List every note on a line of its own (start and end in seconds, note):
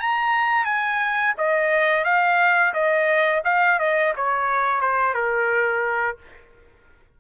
0.00 0.65 A#5
0.65 1.34 G#5
1.38 2.04 D#5
2.04 2.73 F5
2.74 3.43 D#5
3.45 3.79 F5
3.79 4.14 D#5
4.17 4.81 C#5
4.81 5.14 C5
5.14 6.18 A#4